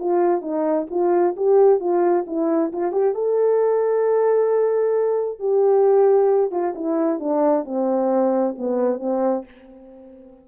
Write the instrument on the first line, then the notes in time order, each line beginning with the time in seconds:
horn
0.00 F4
0.42 D#4
0.91 F4
1.37 G4
1.80 F4
2.27 E4
2.73 F4
2.92 G4
3.15 A4
5.40 G4
6.52 F4
6.75 E4
7.20 D4
7.65 C4
8.58 B3
9.00 C4